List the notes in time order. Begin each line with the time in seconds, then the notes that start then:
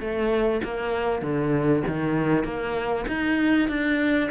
0.00 A3
0.64 A#3
1.22 D3
1.88 D#3
2.44 A#3
3.08 D#4
3.68 D4